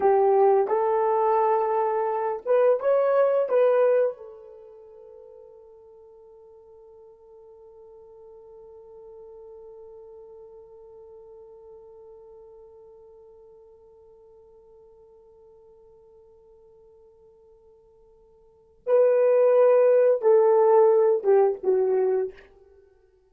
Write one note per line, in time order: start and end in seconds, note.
0.00 0.67 G4
0.67 2.42 A4
2.45 2.80 B4
2.80 3.48 C#5
3.48 4.17 B4
4.17 18.82 A4
18.86 20.21 B4
20.21 21.23 A4
21.23 21.58 G4
21.63 22.33 F#4